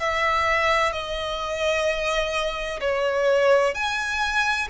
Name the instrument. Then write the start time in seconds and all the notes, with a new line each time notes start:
violin
0.00 E5
0.93 D#5
2.81 C#5
3.75 G#5